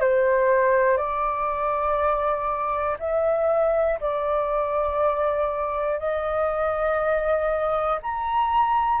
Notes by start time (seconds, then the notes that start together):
0.00 C5
0.97 D5
2.99 E5
4.00 D5
5.99 D#5
8.02 A#5